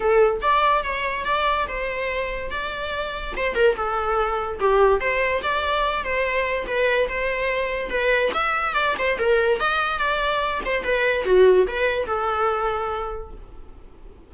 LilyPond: \new Staff \with { instrumentName = "viola" } { \time 4/4 \tempo 4 = 144 a'4 d''4 cis''4 d''4 | c''2 d''2 | c''8 ais'8 a'2 g'4 | c''4 d''4. c''4. |
b'4 c''2 b'4 | e''4 d''8 c''8 ais'4 dis''4 | d''4. c''8 b'4 fis'4 | b'4 a'2. | }